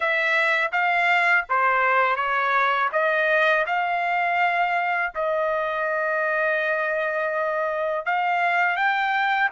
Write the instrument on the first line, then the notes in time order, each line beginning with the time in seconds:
trumpet
0.00 E5
0.72 F5
1.49 C5
2.16 C#5
2.92 D#5
3.66 F5
5.14 D#5
8.05 F5
8.76 G5